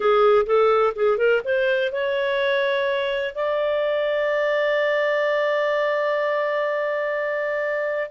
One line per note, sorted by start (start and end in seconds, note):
0.00 0.45 G#4
0.46 0.93 A4
0.95 1.17 G#4
1.17 1.41 A#4
1.44 1.92 C5
1.92 3.34 C#5
3.34 8.11 D5